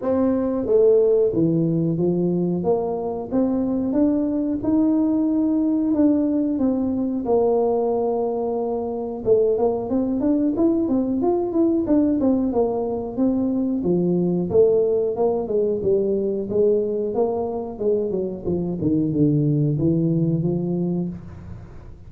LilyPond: \new Staff \with { instrumentName = "tuba" } { \time 4/4 \tempo 4 = 91 c'4 a4 e4 f4 | ais4 c'4 d'4 dis'4~ | dis'4 d'4 c'4 ais4~ | ais2 a8 ais8 c'8 d'8 |
e'8 c'8 f'8 e'8 d'8 c'8 ais4 | c'4 f4 a4 ais8 gis8 | g4 gis4 ais4 gis8 fis8 | f8 dis8 d4 e4 f4 | }